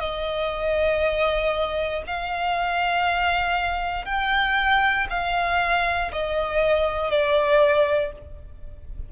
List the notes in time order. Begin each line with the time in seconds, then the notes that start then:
0.00 D#5
2.07 F5
4.05 G5
5.10 F5
6.12 D#5
7.11 D5